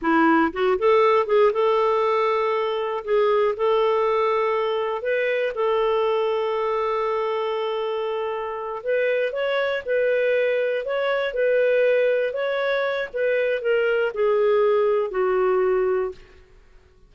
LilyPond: \new Staff \with { instrumentName = "clarinet" } { \time 4/4 \tempo 4 = 119 e'4 fis'8 a'4 gis'8 a'4~ | a'2 gis'4 a'4~ | a'2 b'4 a'4~ | a'1~ |
a'4. b'4 cis''4 b'8~ | b'4. cis''4 b'4.~ | b'8 cis''4. b'4 ais'4 | gis'2 fis'2 | }